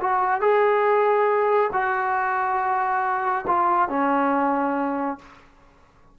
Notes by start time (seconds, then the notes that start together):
0.00 F#4
0.41 G#4
1.72 F#4
3.47 F4
3.88 C#4